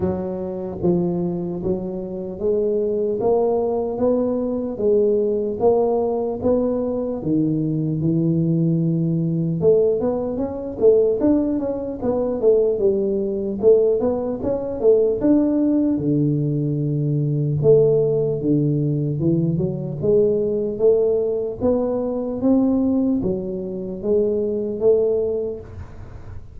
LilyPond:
\new Staff \with { instrumentName = "tuba" } { \time 4/4 \tempo 4 = 75 fis4 f4 fis4 gis4 | ais4 b4 gis4 ais4 | b4 dis4 e2 | a8 b8 cis'8 a8 d'8 cis'8 b8 a8 |
g4 a8 b8 cis'8 a8 d'4 | d2 a4 d4 | e8 fis8 gis4 a4 b4 | c'4 fis4 gis4 a4 | }